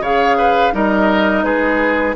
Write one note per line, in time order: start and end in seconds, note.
0.00 0.71 C#3
0.00 0.72 G#4
0.00 0.37 C#5
0.00 0.75 F5
0.38 0.73 B4
0.72 1.43 G3
0.72 2.15 D#4
0.72 1.45 A#4
0.72 1.43 D#5
1.43 2.15 G#3
1.43 2.15 G#4
1.43 2.15 B4